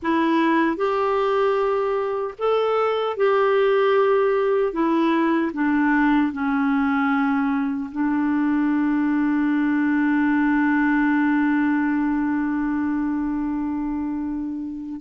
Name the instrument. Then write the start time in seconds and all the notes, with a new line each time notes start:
clarinet
0.02 E4
0.76 G4
2.38 A4
3.17 G4
4.72 E4
5.53 D4
6.32 C#4
7.91 D4